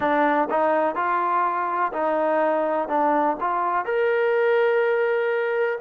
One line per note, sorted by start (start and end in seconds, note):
0.00 0.48 D4
0.50 0.95 D#4
0.95 1.92 F4
1.93 2.88 D#4
2.88 3.36 D4
3.40 3.85 F4
3.85 5.78 A#4